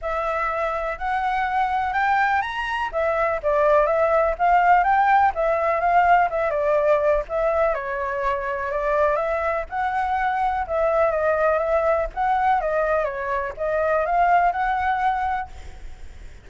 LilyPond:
\new Staff \with { instrumentName = "flute" } { \time 4/4 \tempo 4 = 124 e''2 fis''2 | g''4 ais''4 e''4 d''4 | e''4 f''4 g''4 e''4 | f''4 e''8 d''4. e''4 |
cis''2 d''4 e''4 | fis''2 e''4 dis''4 | e''4 fis''4 dis''4 cis''4 | dis''4 f''4 fis''2 | }